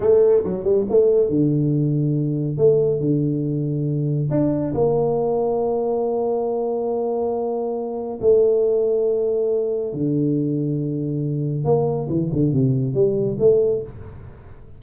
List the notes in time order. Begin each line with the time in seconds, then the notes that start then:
0.00 A3
0.43 F#3
0.64 G3
0.89 A3
1.29 D3
2.57 A3
3.00 D3
4.30 D4
4.74 A#3
8.21 A3
9.93 D3
11.64 A#3
12.09 E3
12.32 D3
12.52 C3
12.94 G3
13.39 A3